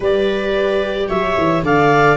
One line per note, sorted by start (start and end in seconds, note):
0.00 1.08 G3
0.00 1.64 G4
0.00 1.07 B4
0.00 1.09 D5
1.08 1.36 F#3
1.08 1.63 C#5
1.08 1.64 E5
1.37 1.62 E3
1.62 2.16 D3
1.62 2.17 A4
1.62 2.17 D5
1.62 2.17 F5